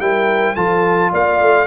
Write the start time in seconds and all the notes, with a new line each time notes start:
0.00 G3 E4 A#4 G5
0.55 F3 F4 A4 A5
1.12 A#3 D5 F5
1.41 A3